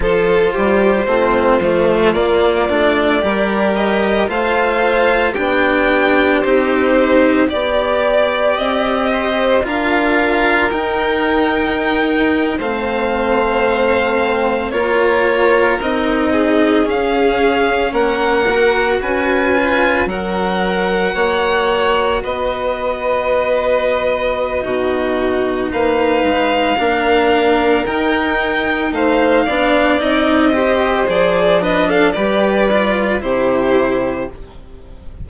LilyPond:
<<
  \new Staff \with { instrumentName = "violin" } { \time 4/4 \tempo 4 = 56 c''2 d''4. dis''8 | f''4 g''4 c''4 d''4 | dis''4 f''4 g''4.~ g''16 f''16~ | f''4.~ f''16 cis''4 dis''4 f''16~ |
f''8. fis''4 gis''4 fis''4~ fis''16~ | fis''8. dis''2.~ dis''16 | f''2 g''4 f''4 | dis''4 d''8 dis''16 f''16 d''4 c''4 | }
  \new Staff \with { instrumentName = "violin" } { \time 4/4 a'8 g'8 f'2 ais'4 | c''4 g'2 d''4~ | d''8 c''8 ais'2~ ais'8. c''16~ | c''4.~ c''16 ais'4. gis'8.~ |
gis'8. ais'4 b'4 ais'4 cis''16~ | cis''8. b'2~ b'16 fis'4 | b'4 ais'2 c''8 d''8~ | d''8 c''4 b'16 a'16 b'4 g'4 | }
  \new Staff \with { instrumentName = "cello" } { \time 4/4 f'4 c'8 a8 ais8 d'8 g'4 | f'4 d'4 dis'4 g'4~ | g'4 f'4 dis'4.~ dis'16 c'16~ | c'4.~ c'16 f'4 dis'4 cis'16~ |
cis'4~ cis'16 fis'4 f'8 fis'4~ fis'16~ | fis'2. dis'4~ | dis'4 d'4 dis'4. d'8 | dis'8 g'8 gis'8 d'8 g'8 f'8 e'4 | }
  \new Staff \with { instrumentName = "bassoon" } { \time 4/4 f8 g8 a8 f8 ais8 a8 g4 | a4 b4 c'4 b4 | c'4 d'4 dis'4.~ dis'16 a16~ | a4.~ a16 ais4 c'4 cis'16~ |
cis'8. ais4 cis'4 fis4 ais16~ | ais8. b2~ b16 b,4 | ais8 gis8 ais4 dis'4 a8 b8 | c'4 f4 g4 c4 | }
>>